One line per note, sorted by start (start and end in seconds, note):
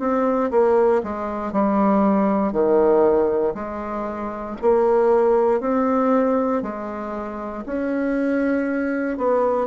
0.00 0.51 C4
0.51 1.02 A#3
1.04 1.53 G#3
1.53 2.53 G3
2.53 3.55 D#3
3.55 4.57 G#3
4.62 5.61 A#3
5.61 6.63 C4
6.63 7.65 G#3
7.66 9.18 C#4
9.18 9.67 B3